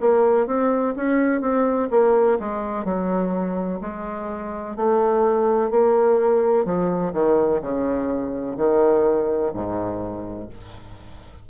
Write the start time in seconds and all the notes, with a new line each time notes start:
0.00 A#3
0.46 C4
0.96 C#4
1.41 C4
1.90 A#3
2.39 G#3
2.84 F#3
3.81 G#3
4.76 A3
5.71 A#3
6.65 F3
7.13 D#3
7.61 C#3
8.57 D#3
9.53 G#2